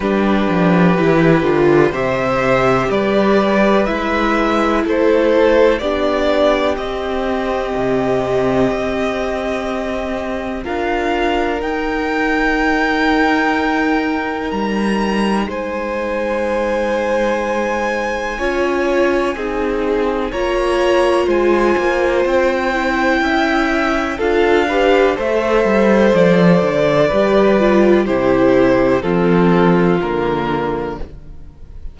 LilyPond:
<<
  \new Staff \with { instrumentName = "violin" } { \time 4/4 \tempo 4 = 62 b'2 e''4 d''4 | e''4 c''4 d''4 dis''4~ | dis''2. f''4 | g''2. ais''4 |
gis''1~ | gis''4 ais''4 gis''4 g''4~ | g''4 f''4 e''4 d''4~ | d''4 c''4 a'4 ais'4 | }
  \new Staff \with { instrumentName = "violin" } { \time 4/4 g'2 c''4 b'4~ | b'4 a'4 g'2~ | g'2. ais'4~ | ais'1 |
c''2. cis''4 | gis'4 cis''4 c''2 | e''4 a'8 b'8 c''2 | b'4 g'4 f'2 | }
  \new Staff \with { instrumentName = "viola" } { \time 4/4 d'4 e'8 f'8 g'2 | e'2 d'4 c'4~ | c'2. f'4 | dis'1~ |
dis'2. f'4 | dis'4 f'2~ f'8 e'8~ | e'4 f'8 g'8 a'2 | g'8 f'8 e'4 c'4 ais4 | }
  \new Staff \with { instrumentName = "cello" } { \time 4/4 g8 f8 e8 d8 c4 g4 | gis4 a4 b4 c'4 | c4 c'2 d'4 | dis'2. g4 |
gis2. cis'4 | c'4 ais4 gis8 ais8 c'4 | cis'4 d'4 a8 g8 f8 d8 | g4 c4 f4 d4 | }
>>